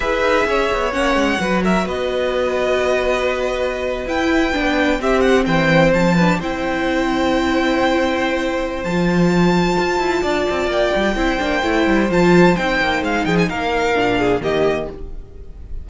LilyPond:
<<
  \new Staff \with { instrumentName = "violin" } { \time 4/4 \tempo 4 = 129 e''2 fis''4. e''8 | dis''1~ | dis''8. g''2 e''8 fis''8 g''16~ | g''8. a''4 g''2~ g''16~ |
g''2. a''4~ | a''2. g''4~ | g''2 a''4 g''4 | f''8 g''16 gis''16 f''2 dis''4 | }
  \new Staff \with { instrumentName = "violin" } { \time 4/4 b'4 cis''2 b'8 ais'8 | b'1~ | b'2~ b'8. g'4 c''16~ | c''4~ c''16 b'8 c''2~ c''16~ |
c''1~ | c''2 d''2 | c''1~ | c''8 gis'8 ais'4. gis'8 g'4 | }
  \new Staff \with { instrumentName = "viola" } { \time 4/4 gis'2 cis'4 fis'4~ | fis'1~ | fis'8. e'4 d'4 c'4~ c'16~ | c'4~ c'16 d'8 e'2~ e'16~ |
e'2. f'4~ | f'1 | e'8 d'8 e'4 f'4 dis'4~ | dis'2 d'4 ais4 | }
  \new Staff \with { instrumentName = "cello" } { \time 4/4 e'8 dis'8 cis'8 b8 ais8 gis8 fis4 | b1~ | b8. e'4 b4 c'4 e16~ | e8. f4 c'2~ c'16~ |
c'2. f4~ | f4 f'8 e'8 d'8 c'8 ais8 g8 | c'8 ais8 a8 g8 f4 c'8 ais8 | gis8 f8 ais4 ais,4 dis4 | }
>>